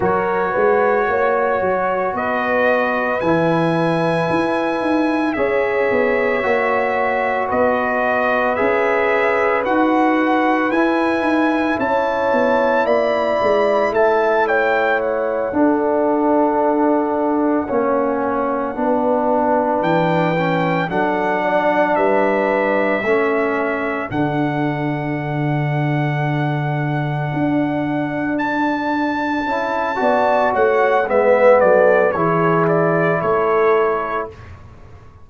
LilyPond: <<
  \new Staff \with { instrumentName = "trumpet" } { \time 4/4 \tempo 4 = 56 cis''2 dis''4 gis''4~ | gis''4 e''2 dis''4 | e''4 fis''4 gis''4 a''4 | b''4 a''8 g''8 fis''2~ |
fis''2~ fis''8 g''4 fis''8~ | fis''8 e''2 fis''4.~ | fis''2~ fis''8 a''4.~ | a''8 fis''8 e''8 d''8 cis''8 d''8 cis''4 | }
  \new Staff \with { instrumentName = "horn" } { \time 4/4 ais'8 b'8 cis''4 b'2~ | b'4 cis''2 b'4~ | b'2. cis''4 | d''4 e''8 cis''4 a'4.~ |
a'8 cis''4 b'2 a'8 | d''8 b'4 a'2~ a'8~ | a'1 | d''8 cis''8 b'8 a'8 gis'4 a'4 | }
  \new Staff \with { instrumentName = "trombone" } { \time 4/4 fis'2. e'4~ | e'4 gis'4 fis'2 | gis'4 fis'4 e'2~ | e'2~ e'8 d'4.~ |
d'8 cis'4 d'4. cis'8 d'8~ | d'4. cis'4 d'4.~ | d'2.~ d'8 e'8 | fis'4 b4 e'2 | }
  \new Staff \with { instrumentName = "tuba" } { \time 4/4 fis8 gis8 ais8 fis8 b4 e4 | e'8 dis'8 cis'8 b8 ais4 b4 | cis'4 dis'4 e'8 dis'8 cis'8 b8 | ais8 gis8 a4. d'4.~ |
d'8 ais4 b4 e4 fis8~ | fis8 g4 a4 d4.~ | d4. d'2 cis'8 | b8 a8 gis8 fis8 e4 a4 | }
>>